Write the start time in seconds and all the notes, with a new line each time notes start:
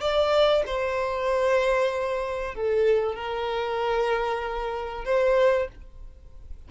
0.00 D5
0.66 C5
2.55 A4
3.16 A#4
5.05 C5